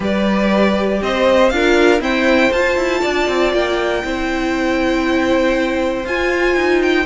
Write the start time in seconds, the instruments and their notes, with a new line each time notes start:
0.00 cello G3, viola G4, violin B4 D5
1.01 cello C4, violin C5 D#5
1.49 cello D4, viola F4, violin A#4 F5
2.00 viola C4, cello E4, violin C5 G5
2.52 viola F4, cello F4, violin A5
2.77 cello E4
3.00 cello D4, violin D5
3.28 cello C4
3.53 cello A#3, violin G5
4.02 cello C4, viola E4, violin C5
6.04 cello F4, viola F4, violin G#5
6.55 cello D#4
6.82 violin G5